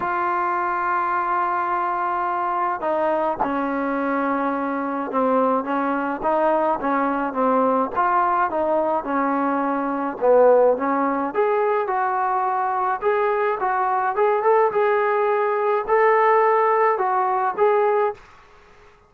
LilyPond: \new Staff \with { instrumentName = "trombone" } { \time 4/4 \tempo 4 = 106 f'1~ | f'4 dis'4 cis'2~ | cis'4 c'4 cis'4 dis'4 | cis'4 c'4 f'4 dis'4 |
cis'2 b4 cis'4 | gis'4 fis'2 gis'4 | fis'4 gis'8 a'8 gis'2 | a'2 fis'4 gis'4 | }